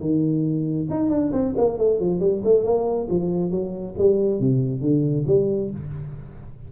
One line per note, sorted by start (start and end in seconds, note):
0.00 0.88 D#3
0.90 1.10 D#4
1.10 1.32 D4
1.32 1.54 C4
1.57 1.78 A#3
1.78 1.99 A3
1.99 2.20 F3
2.20 2.42 G3
2.44 2.64 A3
2.64 3.08 A#3
3.10 3.51 F3
3.51 3.95 F#3
3.98 4.40 G3
4.40 4.81 C3
4.81 5.25 D3
5.27 5.70 G3